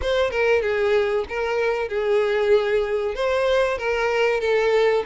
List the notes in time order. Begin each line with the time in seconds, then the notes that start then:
0.01 C5
0.30 A#4
0.62 G#4
1.28 A#4
1.88 G#4
3.14 C5
3.78 A#4
4.40 A4